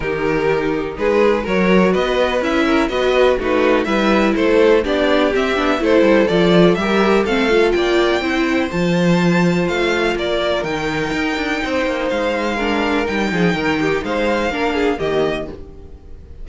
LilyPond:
<<
  \new Staff \with { instrumentName = "violin" } { \time 4/4 \tempo 4 = 124 ais'2 b'4 cis''4 | dis''4 e''4 dis''4 b'4 | e''4 c''4 d''4 e''4 | c''4 d''4 e''4 f''4 |
g''2 a''2 | f''4 d''4 g''2~ | g''4 f''2 g''4~ | g''4 f''2 dis''4 | }
  \new Staff \with { instrumentName = "violin" } { \time 4/4 g'2 gis'4 ais'4 | b'4. ais'8 b'4 fis'4 | b'4 a'4 g'2 | a'2 ais'4 a'4 |
d''4 c''2.~ | c''4 ais'2. | c''2 ais'4. gis'8 | ais'8 g'8 c''4 ais'8 gis'8 g'4 | }
  \new Staff \with { instrumentName = "viola" } { \time 4/4 dis'2. fis'4~ | fis'4 e'4 fis'4 dis'4 | e'2 d'4 c'8 d'8 | e'4 f'4 g'4 c'8 f'8~ |
f'4 e'4 f'2~ | f'2 dis'2~ | dis'2 d'4 dis'4~ | dis'2 d'4 ais4 | }
  \new Staff \with { instrumentName = "cello" } { \time 4/4 dis2 gis4 fis4 | b4 cis'4 b4 a4 | g4 a4 b4 c'8 b8 | a8 g8 f4 g4 a4 |
ais4 c'4 f2 | a4 ais4 dis4 dis'8 d'8 | c'8 ais8 gis2 g8 f8 | dis4 gis4 ais4 dis4 | }
>>